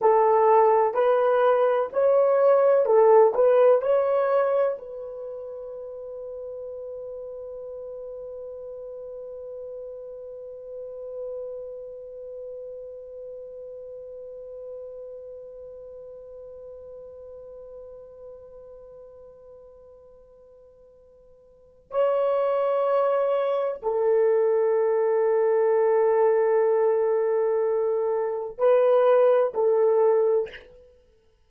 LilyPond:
\new Staff \with { instrumentName = "horn" } { \time 4/4 \tempo 4 = 63 a'4 b'4 cis''4 a'8 b'8 | cis''4 b'2.~ | b'1~ | b'1~ |
b'1~ | b'2. cis''4~ | cis''4 a'2.~ | a'2 b'4 a'4 | }